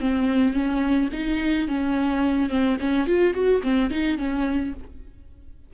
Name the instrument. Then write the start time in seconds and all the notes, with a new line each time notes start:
viola
0.00 C4
0.53 C#4
1.12 D#4
1.68 C#4
2.49 C4
2.80 C#4
3.07 F4
3.34 F#4
3.63 C4
3.91 D#4
4.18 C#4